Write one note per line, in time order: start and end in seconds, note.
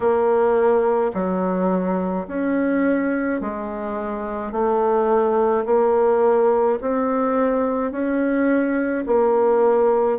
0.00 1.11 A#3
1.13 2.26 F#3
2.27 3.40 C#4
3.40 4.51 G#3
4.51 5.64 A3
5.65 6.78 A#3
6.81 7.91 C4
7.91 9.04 C#4
9.06 10.18 A#3